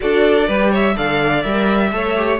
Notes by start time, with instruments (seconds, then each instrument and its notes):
0.00 cello D4, viola F#4, violin A4 D5
0.47 cello G3, viola G4, violin B4
0.70 violin C#5 E5
0.95 cello D3, viola A4, violin D5 F5
1.43 cello G3, viola A#4, violin E5
1.92 cello A3, viola A4, violin C#5
2.16 viola G4